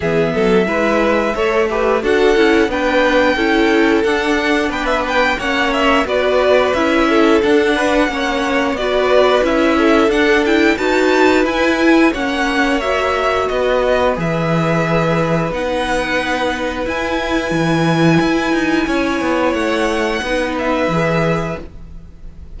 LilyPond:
<<
  \new Staff \with { instrumentName = "violin" } { \time 4/4 \tempo 4 = 89 e''2. fis''4 | g''2 fis''4 g''16 e''16 g''8 | fis''8 e''8 d''4 e''4 fis''4~ | fis''4 d''4 e''4 fis''8 g''8 |
a''4 gis''4 fis''4 e''4 | dis''4 e''2 fis''4~ | fis''4 gis''2.~ | gis''4 fis''4. e''4. | }
  \new Staff \with { instrumentName = "violin" } { \time 4/4 gis'8 a'8 b'4 cis''8 b'8 a'4 | b'4 a'2 b'4 | cis''4 b'4. a'4 b'8 | cis''4 b'4. a'4. |
b'2 cis''2 | b'1~ | b'1 | cis''2 b'2 | }
  \new Staff \with { instrumentName = "viola" } { \time 4/4 b4 e'4 a'8 g'8 fis'8 e'8 | d'4 e'4 d'2 | cis'4 fis'4 e'4 d'4 | cis'4 fis'4 e'4 d'8 e'8 |
fis'4 e'4 cis'4 fis'4~ | fis'4 gis'2 dis'4~ | dis'4 e'2.~ | e'2 dis'4 gis'4 | }
  \new Staff \with { instrumentName = "cello" } { \time 4/4 e8 fis8 gis4 a4 d'8 cis'8 | b4 cis'4 d'4 b4 | ais4 b4 cis'4 d'4 | ais4 b4 cis'4 d'4 |
dis'4 e'4 ais2 | b4 e2 b4~ | b4 e'4 e4 e'8 dis'8 | cis'8 b8 a4 b4 e4 | }
>>